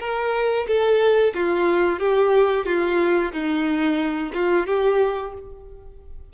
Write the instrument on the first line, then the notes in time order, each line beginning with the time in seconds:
violin
0.00 A#4
0.67 A4
1.35 F4
1.99 G4
2.66 F4
3.32 D#4
4.34 F4
4.67 G4